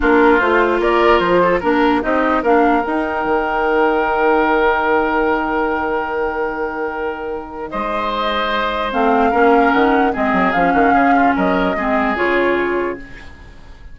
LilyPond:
<<
  \new Staff \with { instrumentName = "flute" } { \time 4/4 \tempo 4 = 148 ais'4 c''4 d''4 c''4 | ais'4 dis''4 f''4 g''4~ | g''1~ | g''1~ |
g''2. dis''4~ | dis''2 f''2 | fis''4 dis''4 f''2 | dis''2 cis''2 | }
  \new Staff \with { instrumentName = "oboe" } { \time 4/4 f'2 ais'4. a'8 | ais'4 g'4 ais'2~ | ais'1~ | ais'1~ |
ais'2. c''4~ | c''2. ais'4~ | ais'4 gis'4. fis'8 gis'8 f'8 | ais'4 gis'2. | }
  \new Staff \with { instrumentName = "clarinet" } { \time 4/4 d'4 f'2. | d'4 dis'4 d'4 dis'4~ | dis'1~ | dis'1~ |
dis'1~ | dis'2 c'4 cis'4~ | cis'4 c'4 cis'2~ | cis'4 c'4 f'2 | }
  \new Staff \with { instrumentName = "bassoon" } { \time 4/4 ais4 a4 ais4 f4 | ais4 c'4 ais4 dis'4 | dis1~ | dis1~ |
dis2. gis4~ | gis2 a4 ais4 | dis4 gis8 fis8 f8 dis8 cis4 | fis4 gis4 cis2 | }
>>